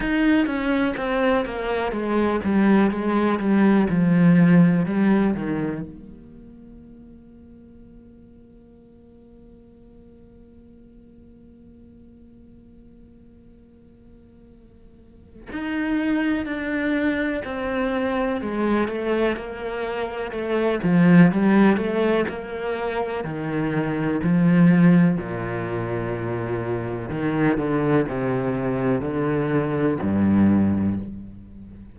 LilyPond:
\new Staff \with { instrumentName = "cello" } { \time 4/4 \tempo 4 = 62 dis'8 cis'8 c'8 ais8 gis8 g8 gis8 g8 | f4 g8 dis8 ais2~ | ais1~ | ais1 |
dis'4 d'4 c'4 gis8 a8 | ais4 a8 f8 g8 a8 ais4 | dis4 f4 ais,2 | dis8 d8 c4 d4 g,4 | }